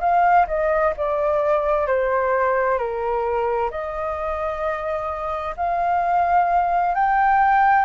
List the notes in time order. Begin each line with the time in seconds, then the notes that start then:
0.00 F5
0.47 D#5
0.97 D5
1.87 C5
2.78 A#4
3.70 D#5
5.56 F5
6.94 G5